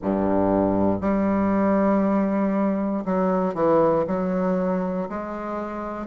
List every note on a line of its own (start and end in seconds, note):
0.02 1.00 G2
1.00 3.04 G3
3.05 3.54 F#3
3.54 4.04 E3
4.07 5.08 F#3
5.09 6.06 G#3